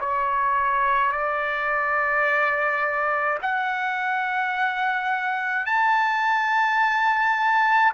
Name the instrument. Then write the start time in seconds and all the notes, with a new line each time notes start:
trumpet
0.00 C#5
1.12 D5
3.42 F#5
5.66 A5